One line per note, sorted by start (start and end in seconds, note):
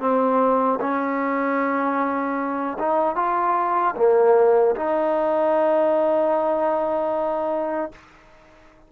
0.00 0.79 C4
0.80 2.77 C#4
2.78 3.15 D#4
3.15 3.94 F4
3.96 4.75 A#3
4.75 7.91 D#4